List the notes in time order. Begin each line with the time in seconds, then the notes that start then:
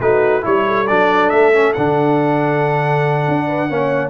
0.00 A3 D#4 F#4 B4
0.42 G3 E4 C#5
0.67 A4
0.87 F#3 D4 D5
1.29 A3 E5
1.53 C#4
1.73 D3 D4 F#5
3.28 D4
3.46 B4
3.69 A#3 C#4 C#5